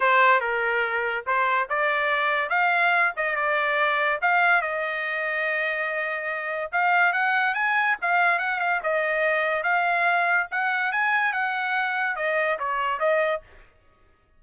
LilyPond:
\new Staff \with { instrumentName = "trumpet" } { \time 4/4 \tempo 4 = 143 c''4 ais'2 c''4 | d''2 f''4. dis''8 | d''2 f''4 dis''4~ | dis''1 |
f''4 fis''4 gis''4 f''4 | fis''8 f''8 dis''2 f''4~ | f''4 fis''4 gis''4 fis''4~ | fis''4 dis''4 cis''4 dis''4 | }